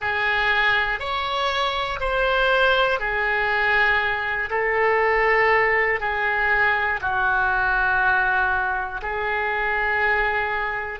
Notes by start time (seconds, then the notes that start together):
0.00 G#4
0.99 C#5
2.00 C5
2.99 G#4
4.50 A4
6.00 G#4
7.00 F#4
9.02 G#4